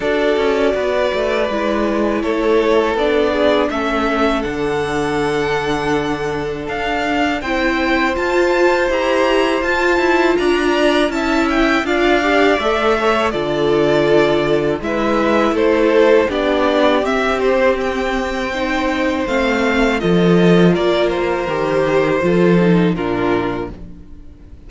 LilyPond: <<
  \new Staff \with { instrumentName = "violin" } { \time 4/4 \tempo 4 = 81 d''2. cis''4 | d''4 e''4 fis''2~ | fis''4 f''4 g''4 a''4 | ais''4 a''4 ais''4 a''8 g''8 |
f''4 e''4 d''2 | e''4 c''4 d''4 e''8 c''8 | g''2 f''4 dis''4 | d''8 c''2~ c''8 ais'4 | }
  \new Staff \with { instrumentName = "violin" } { \time 4/4 a'4 b'2 a'4~ | a'8 gis'8 a'2.~ | a'2 c''2~ | c''2 d''4 e''4 |
d''4. cis''8 a'2 | b'4 a'4 g'2~ | g'4 c''2 a'4 | ais'2 a'4 f'4 | }
  \new Staff \with { instrumentName = "viola" } { \time 4/4 fis'2 e'2 | d'4 cis'4 d'2~ | d'2 e'4 f'4 | g'4 f'2 e'4 |
f'8 g'8 a'4 f'2 | e'2 d'4 c'4~ | c'4 dis'4 c'4 f'4~ | f'4 g'4 f'8 dis'8 d'4 | }
  \new Staff \with { instrumentName = "cello" } { \time 4/4 d'8 cis'8 b8 a8 gis4 a4 | b4 a4 d2~ | d4 d'4 c'4 f'4 | e'4 f'8 e'8 d'4 cis'4 |
d'4 a4 d2 | gis4 a4 b4 c'4~ | c'2 a4 f4 | ais4 dis4 f4 ais,4 | }
>>